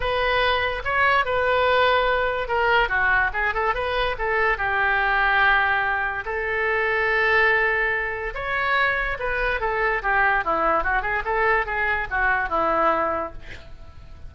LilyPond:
\new Staff \with { instrumentName = "oboe" } { \time 4/4 \tempo 4 = 144 b'2 cis''4 b'4~ | b'2 ais'4 fis'4 | gis'8 a'8 b'4 a'4 g'4~ | g'2. a'4~ |
a'1 | cis''2 b'4 a'4 | g'4 e'4 fis'8 gis'8 a'4 | gis'4 fis'4 e'2 | }